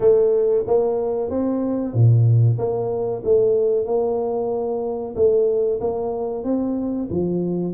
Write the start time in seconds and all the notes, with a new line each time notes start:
0.00 A3
0.67 A#3
1.30 C4
1.93 A#2
2.58 A#3
3.24 A3
3.85 A#3
5.15 A3
5.80 A#3
6.43 C4
7.09 F3